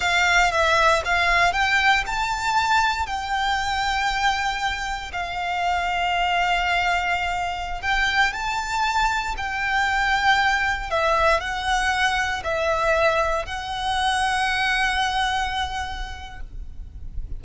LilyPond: \new Staff \with { instrumentName = "violin" } { \time 4/4 \tempo 4 = 117 f''4 e''4 f''4 g''4 | a''2 g''2~ | g''2 f''2~ | f''2.~ f''16 g''8.~ |
g''16 a''2 g''4.~ g''16~ | g''4~ g''16 e''4 fis''4.~ fis''16~ | fis''16 e''2 fis''4.~ fis''16~ | fis''1 | }